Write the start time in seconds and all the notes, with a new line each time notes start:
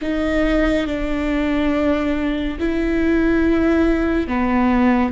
0.01 D#4
0.86 D4
2.59 E4
4.27 B3